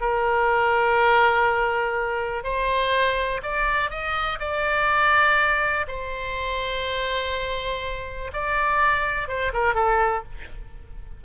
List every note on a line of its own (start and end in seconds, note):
0.00 2.43 A#4
2.43 3.41 C5
3.43 3.90 D5
3.90 4.39 D#5
4.39 5.86 D5
5.87 8.31 C5
8.33 9.27 D5
9.27 9.52 C5
9.53 9.74 A#4
9.74 10.23 A4